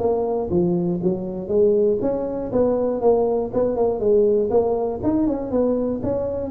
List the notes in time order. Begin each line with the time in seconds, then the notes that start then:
0.00 A#3
0.51 F3
1.03 F#3
1.49 G#3
2.02 C#4
2.52 B3
3.02 A#3
3.54 B3
3.77 A#3
4.00 G#3
4.51 A#3
5.03 D#4
5.27 C#4
5.52 B3
6.03 C#4